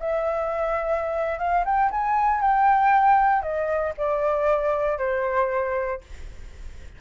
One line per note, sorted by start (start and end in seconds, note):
0.00 1.39 E5
1.39 1.65 F5
1.65 1.91 G5
1.91 2.41 G#5
2.41 3.42 G5
3.42 3.94 D#5
3.98 4.99 D5
4.99 6.01 C5